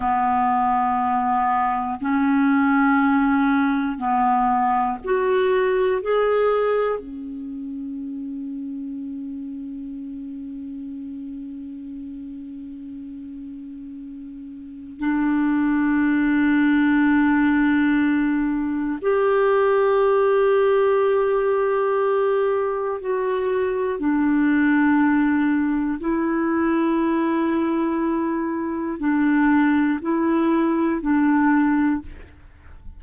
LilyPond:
\new Staff \with { instrumentName = "clarinet" } { \time 4/4 \tempo 4 = 60 b2 cis'2 | b4 fis'4 gis'4 cis'4~ | cis'1~ | cis'2. d'4~ |
d'2. g'4~ | g'2. fis'4 | d'2 e'2~ | e'4 d'4 e'4 d'4 | }